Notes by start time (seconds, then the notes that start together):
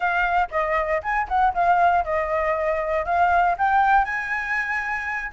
0.00 F5
0.51 D#5
1.02 G#5
1.28 F#5
1.54 F5
2.04 D#5
3.05 F5
3.57 G5
4.04 G#5